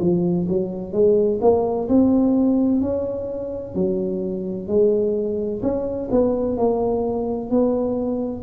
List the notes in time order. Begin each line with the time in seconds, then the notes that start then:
0.00 F3
0.49 F#3
0.92 G#3
1.41 A#3
1.88 C4
2.81 C#4
3.75 F#3
4.67 G#3
5.62 C#4
6.11 B3
6.57 A#3
7.50 B3